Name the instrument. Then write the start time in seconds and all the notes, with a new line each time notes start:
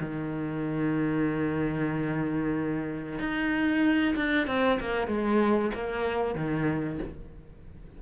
cello
0.00 D#3
3.19 D#4
4.15 D4
4.47 C4
4.80 A#3
5.07 G#3
5.74 A#3
6.35 D#3